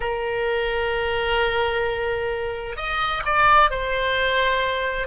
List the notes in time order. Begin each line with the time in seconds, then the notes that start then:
0.00 A#4
2.76 D#5
3.25 D5
3.70 C5